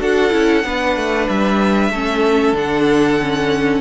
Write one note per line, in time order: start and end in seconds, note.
0.00 0.32 D4
0.00 0.31 F#4
0.00 0.65 A4
0.00 1.29 F#5
0.31 0.64 C#4
0.31 0.62 E4
0.64 0.96 B3
0.64 1.93 D4
0.64 1.91 B4
0.96 1.28 A3
1.29 1.90 G3
1.29 2.56 E5
1.90 2.53 A3
1.90 2.55 C#4
1.90 3.81 A4
2.53 3.80 D3
2.53 3.19 D4
2.53 3.81 F#5
3.21 3.81 C#4